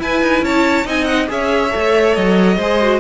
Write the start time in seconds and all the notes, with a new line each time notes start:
0.00 E4 B4 G#5
0.22 D#4
0.42 C#4 C#5 A5
0.85 C4 D#4 D#5 G#5
1.05 F#5
1.28 C#4 G#4 C#5 E5
1.71 A3 A4
2.15 F#3 D#5
2.58 G#3 G#4 C5
2.82 F#4